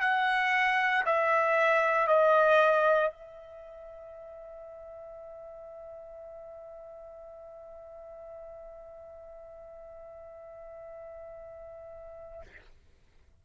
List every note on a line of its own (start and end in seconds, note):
0.00 1.03 F#5
1.05 2.07 E5
2.07 3.10 D#5
3.10 12.41 E5